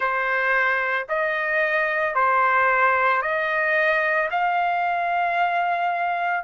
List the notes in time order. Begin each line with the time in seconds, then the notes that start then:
0.00 C5
1.08 D#5
2.14 C5
3.21 D#5
4.31 F5